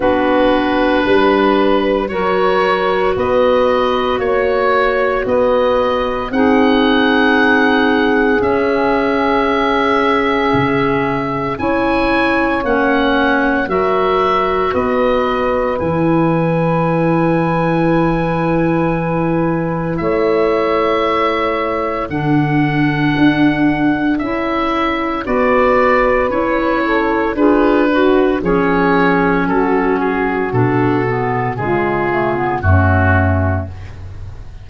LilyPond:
<<
  \new Staff \with { instrumentName = "oboe" } { \time 4/4 \tempo 4 = 57 b'2 cis''4 dis''4 | cis''4 dis''4 fis''2 | e''2. gis''4 | fis''4 e''4 dis''4 gis''4~ |
gis''2. e''4~ | e''4 fis''2 e''4 | d''4 cis''4 b'4 cis''4 | a'8 gis'8 a'4 gis'4 fis'4 | }
  \new Staff \with { instrumentName = "saxophone" } { \time 4/4 fis'4 b'4 ais'4 b'4 | cis''4 b'4 gis'2~ | gis'2. cis''4~ | cis''4 ais'4 b'2~ |
b'2. cis''4~ | cis''4 a'2. | b'4. a'8 gis'8 fis'8 gis'4 | fis'2 f'4 cis'4 | }
  \new Staff \with { instrumentName = "clarinet" } { \time 4/4 d'2 fis'2~ | fis'2 dis'2 | cis'2. e'4 | cis'4 fis'2 e'4~ |
e'1~ | e'4 d'2 e'4 | fis'4 e'4 f'8 fis'8 cis'4~ | cis'4 d'8 b8 gis8 a16 b16 a4 | }
  \new Staff \with { instrumentName = "tuba" } { \time 4/4 b4 g4 fis4 b4 | ais4 b4 c'2 | cis'2 cis4 cis'4 | ais4 fis4 b4 e4~ |
e2. a4~ | a4 d4 d'4 cis'4 | b4 cis'4 d'4 f4 | fis4 b,4 cis4 fis,4 | }
>>